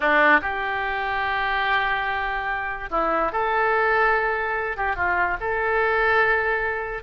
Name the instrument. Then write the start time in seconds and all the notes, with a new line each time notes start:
oboe
0.00 D4
0.41 G4
2.90 E4
3.32 A4
4.76 G4
4.95 F4
5.40 A4